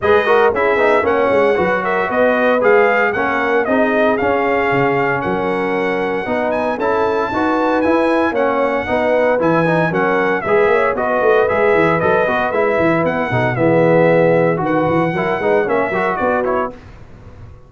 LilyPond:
<<
  \new Staff \with { instrumentName = "trumpet" } { \time 4/4 \tempo 4 = 115 dis''4 e''4 fis''4. e''8 | dis''4 f''4 fis''4 dis''4 | f''2 fis''2~ | fis''8 gis''8 a''2 gis''4 |
fis''2 gis''4 fis''4 | e''4 dis''4 e''4 dis''4 | e''4 fis''4 e''2 | fis''2 e''4 d''8 cis''8 | }
  \new Staff \with { instrumentName = "horn" } { \time 4/4 b'8 ais'8 gis'4 cis''4 b'8 ais'8 | b'2 ais'4 gis'4~ | gis'2 ais'2 | b'4 a'4 b'2 |
cis''4 b'2 ais'4 | b'8 cis''8 b'2.~ | b'4. a'8 gis'2 | b'4 ais'8 b'8 cis''8 ais'8 fis'4 | }
  \new Staff \with { instrumentName = "trombone" } { \time 4/4 gis'8 fis'8 e'8 dis'8 cis'4 fis'4~ | fis'4 gis'4 cis'4 dis'4 | cis'1 | dis'4 e'4 fis'4 e'4 |
cis'4 dis'4 e'8 dis'8 cis'4 | gis'4 fis'4 gis'4 a'8 fis'8 | e'4. dis'8 b2 | fis'4 e'8 dis'8 cis'8 fis'4 e'8 | }
  \new Staff \with { instrumentName = "tuba" } { \time 4/4 gis4 cis'8 b8 ais8 gis8 fis4 | b4 gis4 ais4 c'4 | cis'4 cis4 fis2 | b4 cis'4 dis'4 e'4 |
ais4 b4 e4 fis4 | gis8 ais8 b8 a8 gis8 e8 fis8 b8 | gis8 e8 b8 b,8 e2 | dis8 e8 fis8 gis8 ais8 fis8 b4 | }
>>